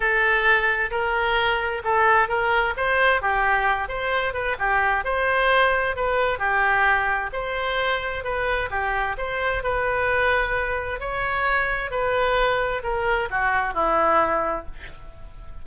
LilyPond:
\new Staff \with { instrumentName = "oboe" } { \time 4/4 \tempo 4 = 131 a'2 ais'2 | a'4 ais'4 c''4 g'4~ | g'8 c''4 b'8 g'4 c''4~ | c''4 b'4 g'2 |
c''2 b'4 g'4 | c''4 b'2. | cis''2 b'2 | ais'4 fis'4 e'2 | }